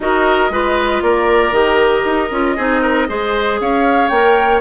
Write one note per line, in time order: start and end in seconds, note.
0.00 0.50 D#4
0.00 0.51 F#4
0.00 0.52 A#4
0.00 1.02 D#5
0.50 1.01 G#3
0.50 1.53 F4
0.50 1.03 B4
1.02 1.51 A#3
1.02 2.56 A#4
1.02 1.53 D5
1.51 2.02 D#3
1.51 2.29 G4
1.51 3.58 D#5
2.04 2.30 D#4
2.30 2.56 C#4
2.30 2.57 F4
2.56 3.08 C4
2.56 3.07 D#4
2.56 2.81 G#4
2.81 3.07 A#4
3.07 3.60 G#3
3.07 4.10 G#4
3.07 3.60 C5
3.60 4.10 C#4
3.60 4.60 C#5
3.60 4.08 F5
4.08 4.60 A#3
4.08 4.60 A#4
4.08 4.60 G5